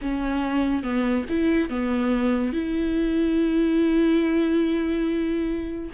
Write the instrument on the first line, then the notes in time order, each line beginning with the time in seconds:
viola
0.01 C#4
0.83 B3
1.29 E4
1.69 B3
2.52 E4